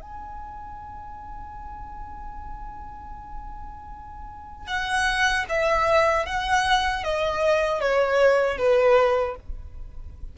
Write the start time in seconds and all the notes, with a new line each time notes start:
0.00 G#5
4.67 F#5
5.49 E5
6.25 F#5
7.03 D#5
7.80 C#5
8.57 B4